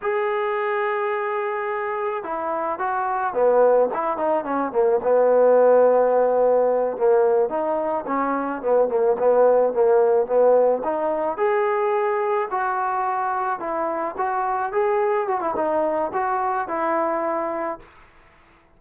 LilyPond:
\new Staff \with { instrumentName = "trombone" } { \time 4/4 \tempo 4 = 108 gis'1 | e'4 fis'4 b4 e'8 dis'8 | cis'8 ais8 b2.~ | b8 ais4 dis'4 cis'4 b8 |
ais8 b4 ais4 b4 dis'8~ | dis'8 gis'2 fis'4.~ | fis'8 e'4 fis'4 gis'4 fis'16 e'16 | dis'4 fis'4 e'2 | }